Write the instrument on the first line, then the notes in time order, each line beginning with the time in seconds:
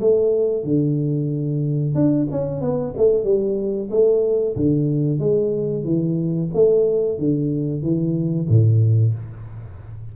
tuba
0.00 A3
0.64 D3
1.94 D4
2.31 C#4
2.61 B3
2.97 A3
3.23 G3
3.90 A3
4.56 D3
5.19 G#3
5.84 E3
6.54 A3
7.18 D3
7.82 E3
8.48 A2